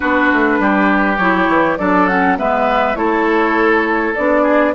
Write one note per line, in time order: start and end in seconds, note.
0.00 0.32 B3
0.00 1.16 D4
0.00 0.58 F#4
0.00 1.17 B4
0.32 0.59 A3
0.59 1.18 G3
0.59 1.78 G4
1.17 1.47 F#3
1.17 1.78 E4
1.17 1.77 C#5
1.47 1.77 E3
1.77 2.39 F#3
1.77 2.08 D4
1.77 2.38 A4
1.77 2.07 D5
2.07 2.37 C#4
2.07 2.37 F#5
2.37 2.95 G#3
2.37 2.95 B3
2.37 2.97 B4
2.37 2.95 E5
2.95 4.14 A3
2.95 4.14 E4
2.95 4.42 A4
2.95 4.14 C#5
4.14 4.74 B3
4.14 4.74 D4
4.14 4.74 D5
4.42 4.72 G#4